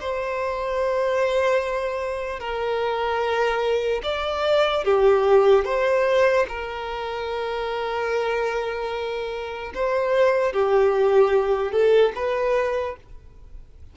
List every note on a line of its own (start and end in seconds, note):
0.00 2.39 C5
2.39 4.01 A#4
4.03 4.84 D5
4.84 5.65 G4
5.65 6.46 C5
6.48 9.73 A#4
9.74 10.53 C5
10.53 11.72 G4
11.72 12.12 A4
12.15 12.96 B4